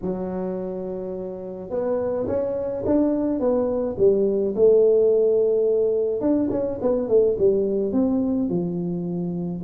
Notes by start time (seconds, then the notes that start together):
0.01 F#3
1.70 B3
2.27 C#4
2.85 D4
3.39 B3
3.98 G3
4.55 A3
6.20 D4
6.50 C#4
6.81 B3
7.08 A3
7.38 G3
7.92 C4
8.49 F3